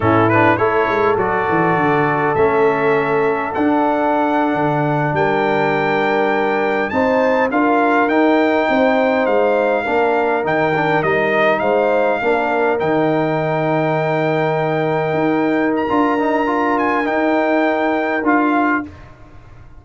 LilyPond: <<
  \new Staff \with { instrumentName = "trumpet" } { \time 4/4 \tempo 4 = 102 a'8 b'8 cis''4 d''2 | e''2 fis''2~ | fis''8. g''2. a''16~ | a''8. f''4 g''2 f''16~ |
f''4.~ f''16 g''4 dis''4 f''16~ | f''4.~ f''16 g''2~ g''16~ | g''2~ g''8. ais''4~ ais''16~ | ais''8 gis''8 g''2 f''4 | }
  \new Staff \with { instrumentName = "horn" } { \time 4/4 e'4 a'2.~ | a'1~ | a'8. ais'2. c''16~ | c''8. ais'2 c''4~ c''16~ |
c''8. ais'2. c''16~ | c''8. ais'2.~ ais'16~ | ais'1~ | ais'1 | }
  \new Staff \with { instrumentName = "trombone" } { \time 4/4 cis'8 d'8 e'4 fis'2 | cis'2 d'2~ | d'2.~ d'8. dis'16~ | dis'8. f'4 dis'2~ dis'16~ |
dis'8. d'4 dis'8 d'8 dis'4~ dis'16~ | dis'8. d'4 dis'2~ dis'16~ | dis'2. f'8 dis'8 | f'4 dis'2 f'4 | }
  \new Staff \with { instrumentName = "tuba" } { \time 4/4 a,4 a8 gis8 fis8 e8 d4 | a2 d'4.~ d'16 d16~ | d8. g2. c'16~ | c'8. d'4 dis'4 c'4 gis16~ |
gis8. ais4 dis4 g4 gis16~ | gis8. ais4 dis2~ dis16~ | dis4.~ dis16 dis'4~ dis'16 d'4~ | d'4 dis'2 d'4 | }
>>